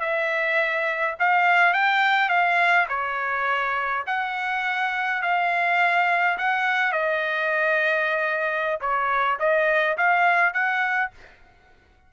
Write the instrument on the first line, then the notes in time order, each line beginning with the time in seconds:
trumpet
0.00 E5
1.19 F5
1.73 G5
2.29 F5
2.88 C#5
4.06 F#5
5.22 F5
6.37 F#5
6.92 D#5
8.81 C#5
9.39 D#5
9.97 F5
10.53 F#5